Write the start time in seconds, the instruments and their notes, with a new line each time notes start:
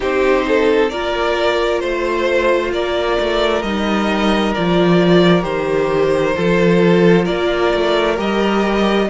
0.00 cello C4, viola D#4, violin G4 C5
0.47 violin A4
0.89 cello A#3, viola F4, violin A#4 D5
1.80 cello A3, violin C5
2.72 cello A#3, violin A#4 D5
3.19 cello A3
3.62 cello G3, viola D#4, violin D#5
4.54 cello F3, viola F4, violin D5
5.41 cello D#3, viola G4, violin C5
6.35 cello F3, viola F4, violin A4
7.24 cello A#3, violin A#4 D5
7.73 cello A3
8.16 cello G3, viola G4, violin D#5